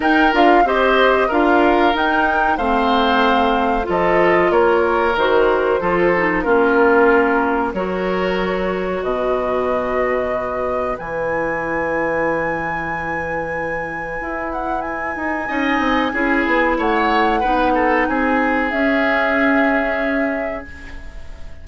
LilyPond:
<<
  \new Staff \with { instrumentName = "flute" } { \time 4/4 \tempo 4 = 93 g''8 f''8 dis''4 f''4 g''4 | f''2 dis''4 cis''4 | c''2 ais'2 | cis''2 dis''2~ |
dis''4 gis''2.~ | gis''2~ gis''8 fis''8 gis''4~ | gis''2 fis''2 | gis''4 e''2. | }
  \new Staff \with { instrumentName = "oboe" } { \time 4/4 ais'4 c''4 ais'2 | c''2 a'4 ais'4~ | ais'4 a'4 f'2 | ais'2 b'2~ |
b'1~ | b'1 | dis''4 gis'4 cis''4 b'8 a'8 | gis'1 | }
  \new Staff \with { instrumentName = "clarinet" } { \time 4/4 dis'8 f'8 g'4 f'4 dis'4 | c'2 f'2 | fis'4 f'8 dis'8 cis'2 | fis'1~ |
fis'4 e'2.~ | e'1 | dis'4 e'2 dis'4~ | dis'4 cis'2. | }
  \new Staff \with { instrumentName = "bassoon" } { \time 4/4 dis'8 d'8 c'4 d'4 dis'4 | a2 f4 ais4 | dis4 f4 ais2 | fis2 b,2~ |
b,4 e2.~ | e2 e'4. dis'8 | cis'8 c'8 cis'8 b8 a4 b4 | c'4 cis'2. | }
>>